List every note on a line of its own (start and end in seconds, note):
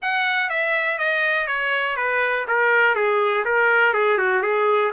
0.02 0.49 F#5
0.49 0.98 E5
0.98 1.47 D#5
1.47 1.96 C#5
1.96 2.45 B4
2.47 2.95 A#4
2.95 3.44 G#4
3.44 3.93 A#4
3.93 4.17 G#4
4.17 4.42 F#4
4.42 4.91 G#4